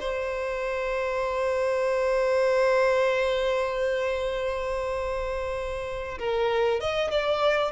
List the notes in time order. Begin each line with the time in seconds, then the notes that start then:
0.00 C5
6.19 A#4
6.80 D#5
7.11 D5